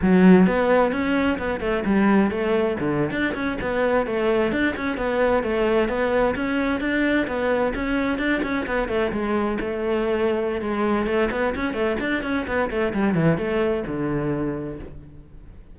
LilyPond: \new Staff \with { instrumentName = "cello" } { \time 4/4 \tempo 4 = 130 fis4 b4 cis'4 b8 a8 | g4 a4 d8. d'8 cis'8 b16~ | b8. a4 d'8 cis'8 b4 a16~ | a8. b4 cis'4 d'4 b16~ |
b8. cis'4 d'8 cis'8 b8 a8 gis16~ | gis8. a2~ a16 gis4 | a8 b8 cis'8 a8 d'8 cis'8 b8 a8 | g8 e8 a4 d2 | }